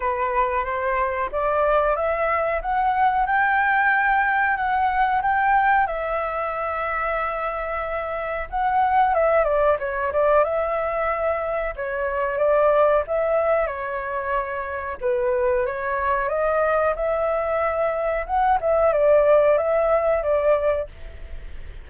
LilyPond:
\new Staff \with { instrumentName = "flute" } { \time 4/4 \tempo 4 = 92 b'4 c''4 d''4 e''4 | fis''4 g''2 fis''4 | g''4 e''2.~ | e''4 fis''4 e''8 d''8 cis''8 d''8 |
e''2 cis''4 d''4 | e''4 cis''2 b'4 | cis''4 dis''4 e''2 | fis''8 e''8 d''4 e''4 d''4 | }